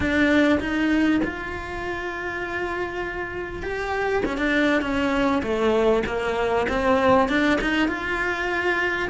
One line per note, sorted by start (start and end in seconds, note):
0.00 0.59 D4
0.60 1.20 D#4
1.23 3.62 F4
3.62 4.23 G4
4.25 4.37 C#4
4.37 4.81 D4
4.81 5.42 C#4
5.42 6.03 A3
6.06 6.67 A#3
6.68 7.29 C4
7.29 7.59 D4
7.61 7.88 D#4
7.88 9.09 F4